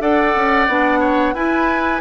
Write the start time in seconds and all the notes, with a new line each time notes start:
0.00 D4 A4 D5 F#5
0.35 C#4
0.68 B3 D4
1.00 C#5
1.34 E4 B4 G#5